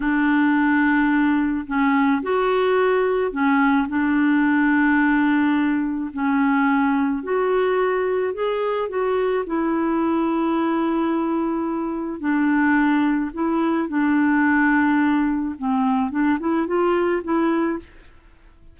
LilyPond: \new Staff \with { instrumentName = "clarinet" } { \time 4/4 \tempo 4 = 108 d'2. cis'4 | fis'2 cis'4 d'4~ | d'2. cis'4~ | cis'4 fis'2 gis'4 |
fis'4 e'2.~ | e'2 d'2 | e'4 d'2. | c'4 d'8 e'8 f'4 e'4 | }